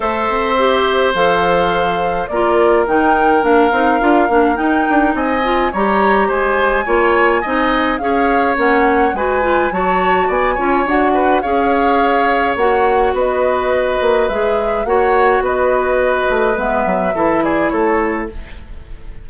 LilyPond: <<
  \new Staff \with { instrumentName = "flute" } { \time 4/4 \tempo 4 = 105 e''2 f''2 | d''4 g''4 f''2 | g''4 gis''4 ais''4 gis''4~ | gis''2 f''4 fis''4 |
gis''4 a''4 gis''4 fis''4 | f''2 fis''4 dis''4~ | dis''4 e''4 fis''4 dis''4~ | dis''4 e''4. d''8 cis''4 | }
  \new Staff \with { instrumentName = "oboe" } { \time 4/4 c''1 | ais'1~ | ais'4 dis''4 cis''4 c''4 | cis''4 dis''4 cis''2 |
b'4 cis''4 d''8 cis''4 b'8 | cis''2. b'4~ | b'2 cis''4 b'4~ | b'2 a'8 gis'8 a'4 | }
  \new Staff \with { instrumentName = "clarinet" } { \time 4/4 a'4 g'4 a'2 | f'4 dis'4 d'8 dis'8 f'8 d'8 | dis'4. f'8 g'2 | f'4 dis'4 gis'4 cis'4 |
fis'8 f'8 fis'4. f'8 fis'4 | gis'2 fis'2~ | fis'4 gis'4 fis'2~ | fis'4 b4 e'2 | }
  \new Staff \with { instrumentName = "bassoon" } { \time 4/4 a8 c'4. f2 | ais4 dis4 ais8 c'8 d'8 ais8 | dis'8 d'8 c'4 g4 gis4 | ais4 c'4 cis'4 ais4 |
gis4 fis4 b8 cis'8 d'4 | cis'2 ais4 b4~ | b8 ais8 gis4 ais4 b4~ | b8 a8 gis8 fis8 e4 a4 | }
>>